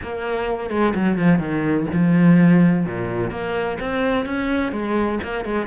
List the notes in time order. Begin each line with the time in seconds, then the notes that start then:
0.02 A#3
0.70 G#3
0.94 F#3
1.18 F3
1.39 D#3
1.92 F3
2.85 A#2
3.30 A#3
3.79 C4
4.25 C#4
4.72 G#3
5.23 A#3
5.44 G#3